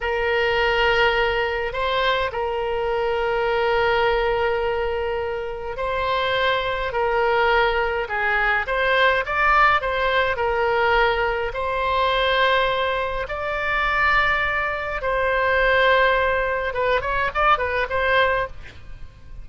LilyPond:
\new Staff \with { instrumentName = "oboe" } { \time 4/4 \tempo 4 = 104 ais'2. c''4 | ais'1~ | ais'2 c''2 | ais'2 gis'4 c''4 |
d''4 c''4 ais'2 | c''2. d''4~ | d''2 c''2~ | c''4 b'8 cis''8 d''8 b'8 c''4 | }